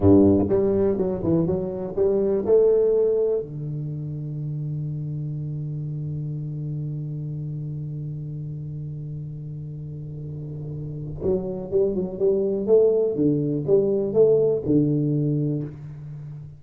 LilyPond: \new Staff \with { instrumentName = "tuba" } { \time 4/4 \tempo 4 = 123 g,4 g4 fis8 e8 fis4 | g4 a2 d4~ | d1~ | d1~ |
d1~ | d2. fis4 | g8 fis8 g4 a4 d4 | g4 a4 d2 | }